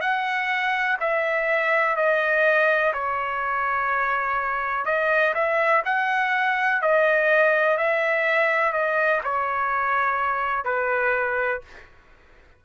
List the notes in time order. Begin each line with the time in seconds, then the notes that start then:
0.00 F#5
1.00 E5
1.96 D#5
2.93 C#5
4.85 D#5
5.34 E5
5.85 F#5
6.82 D#5
7.77 E5
8.72 D#5
9.24 C#5
10.65 B4